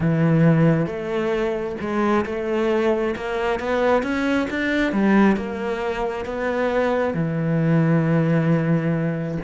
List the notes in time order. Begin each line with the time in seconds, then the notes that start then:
0.00 E3
0.86 A3
1.80 G#3
2.25 A3
3.16 A#3
3.59 B3
4.02 C#4
4.50 D4
4.92 G3
5.36 A#3
6.25 B3
7.14 E3